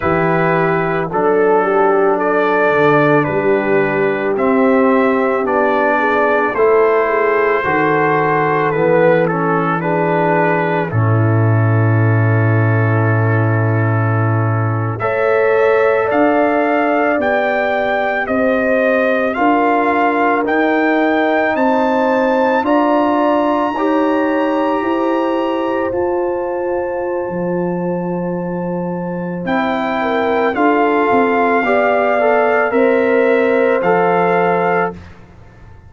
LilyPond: <<
  \new Staff \with { instrumentName = "trumpet" } { \time 4/4 \tempo 4 = 55 b'4 a'4 d''4 b'4 | e''4 d''4 c''2 | b'8 a'8 b'4 a'2~ | a'4.~ a'16 e''4 f''4 g''16~ |
g''8. dis''4 f''4 g''4 a''16~ | a''8. ais''2. a''16~ | a''2. g''4 | f''2 e''4 f''4 | }
  \new Staff \with { instrumentName = "horn" } { \time 4/4 g'4 a'8 g'8 a'4 g'4~ | g'4. gis'8 a'8 gis'8 a'4~ | a'4 gis'4 e'2~ | e'4.~ e'16 cis''4 d''4~ d''16~ |
d''8. c''4 ais'2 c''16~ | c''8. d''4 cis''4 c''4~ c''16~ | c''2.~ c''8 ais'8 | a'4 d''4 c''2 | }
  \new Staff \with { instrumentName = "trombone" } { \time 4/4 e'4 d'2. | c'4 d'4 e'4 fis'4 | b8 cis'8 d'4 cis'2~ | cis'4.~ cis'16 a'2 g'16~ |
g'4.~ g'16 f'4 dis'4~ dis'16~ | dis'8. f'4 g'2 f'16~ | f'2. e'4 | f'4 g'8 a'8 ais'4 a'4 | }
  \new Staff \with { instrumentName = "tuba" } { \time 4/4 e4 fis4. d8 g4 | c'4 b4 a4 dis4 | e2 a,2~ | a,4.~ a,16 a4 d'4 b16~ |
b8. c'4 d'4 dis'4 c'16~ | c'8. d'4 dis'4 e'4 f'16~ | f'4 f2 c'4 | d'8 c'8 b4 c'4 f4 | }
>>